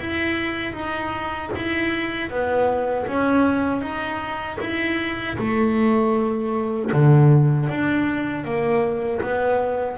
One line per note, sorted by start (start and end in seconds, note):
0.00 0.73 E4
0.73 1.50 D#4
1.56 2.30 E4
2.30 3.07 B3
3.07 3.81 C#4
3.81 4.58 D#4
4.60 5.37 E4
5.38 6.92 A3
6.92 7.69 D3
7.69 8.44 D4
8.44 9.21 A#3
9.22 9.98 B3